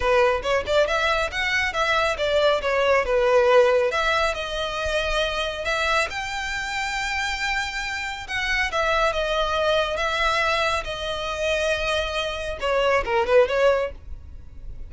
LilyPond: \new Staff \with { instrumentName = "violin" } { \time 4/4 \tempo 4 = 138 b'4 cis''8 d''8 e''4 fis''4 | e''4 d''4 cis''4 b'4~ | b'4 e''4 dis''2~ | dis''4 e''4 g''2~ |
g''2. fis''4 | e''4 dis''2 e''4~ | e''4 dis''2.~ | dis''4 cis''4 ais'8 b'8 cis''4 | }